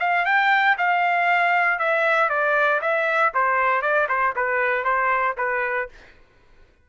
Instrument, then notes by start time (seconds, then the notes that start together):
trumpet
0.00 F5
0.26 G5
0.78 F5
1.79 E5
2.29 D5
2.81 E5
3.34 C5
3.82 D5
4.09 C5
4.36 B4
4.84 C5
5.38 B4